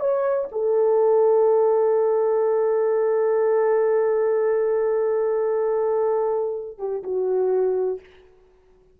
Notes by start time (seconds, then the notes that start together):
0.00 C#5
0.51 A4
6.78 G4
7.03 F#4